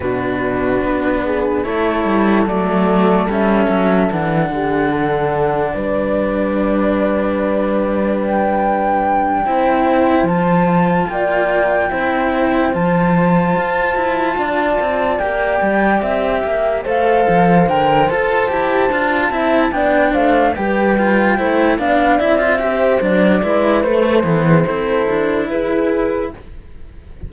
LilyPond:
<<
  \new Staff \with { instrumentName = "flute" } { \time 4/4 \tempo 4 = 73 b'2 cis''4 d''4 | e''4 fis''2 d''4~ | d''2 g''2~ | g''8 a''4 g''2 a''8~ |
a''2~ a''8 g''4 e''8~ | e''8 f''4 g''8 a''2 | g''8 f''8 g''4. f''8 e''4 | d''4 c''2 b'4 | }
  \new Staff \with { instrumentName = "horn" } { \time 4/4 fis'4. gis'8 a'2~ | a'4. g'8 a'4 b'4~ | b'2.~ b'8 c''8~ | c''4. d''4 c''4.~ |
c''4. d''2~ d''8 | e''8 c''2. e''8 | d''8 c''8 b'4 c''8 d''4 c''8~ | c''8 b'4 a'16 gis'16 a'4 gis'4 | }
  \new Staff \with { instrumentName = "cello" } { \time 4/4 d'2 e'4 a4 | cis'4 d'2.~ | d'2.~ d'8 e'8~ | e'8 f'2 e'4 f'8~ |
f'2~ f'8 g'4.~ | g'8 a'4 ais'8 a'8 g'8 f'8 e'8 | d'4 g'8 f'8 e'8 d'8 e'16 f'16 g'8 | d'8 e'8 a8 e8 e'2 | }
  \new Staff \with { instrumentName = "cello" } { \time 4/4 b,4 b4 a8 g8 fis4 | g8 fis8 e8 d4. g4~ | g2.~ g8 c'8~ | c'8 f4 ais4 c'4 f8~ |
f8 f'8 e'8 d'8 c'8 ais8 g8 c'8 | ais8 a8 f8 d8 f'8 e'8 d'8 c'8 | b8 a8 g4 a8 b8 c'4 | fis8 gis8 a8 b8 c'8 d'8 e'4 | }
>>